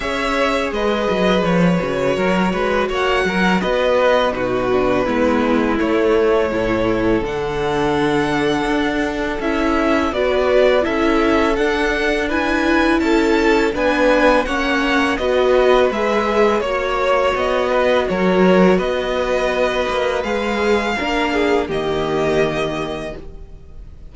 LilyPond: <<
  \new Staff \with { instrumentName = "violin" } { \time 4/4 \tempo 4 = 83 e''4 dis''4 cis''2 | fis''4 dis''4 b'2 | cis''2 fis''2~ | fis''4 e''4 d''4 e''4 |
fis''4 gis''4 a''4 gis''4 | fis''4 dis''4 e''4 cis''4 | dis''4 cis''4 dis''2 | f''2 dis''2 | }
  \new Staff \with { instrumentName = "violin" } { \time 4/4 cis''4 b'2 ais'8 b'8 | cis''8 ais'8 b'4 fis'4 e'4~ | e'4 a'2.~ | a'2 b'4 a'4~ |
a'4 b'4 a'4 b'4 | cis''4 b'2 cis''4~ | cis''8 b'8 ais'4 b'2~ | b'4 ais'8 gis'8 g'2 | }
  \new Staff \with { instrumentName = "viola" } { \time 4/4 gis'2~ gis'8 fis'4.~ | fis'2 dis'8 d'8 b4 | a4 e'4 d'2~ | d'4 e'4 fis'4 e'4 |
d'4 e'2 d'4 | cis'4 fis'4 gis'4 fis'4~ | fis'1 | gis'4 d'4 ais2 | }
  \new Staff \with { instrumentName = "cello" } { \time 4/4 cis'4 gis8 fis8 f8 cis8 fis8 gis8 | ais8 fis8 b4 b,4 gis4 | a4 a,4 d2 | d'4 cis'4 b4 cis'4 |
d'2 cis'4 b4 | ais4 b4 gis4 ais4 | b4 fis4 b4. ais8 | gis4 ais4 dis2 | }
>>